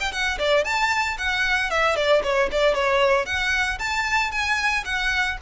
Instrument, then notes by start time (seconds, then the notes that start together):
violin
0.00 G5
0.12 F#5
0.39 D5
0.65 A5
1.18 F#5
1.70 E5
1.96 D5
2.23 C#5
2.52 D5
2.75 C#5
3.26 F#5
3.79 A5
4.32 G#5
4.85 F#5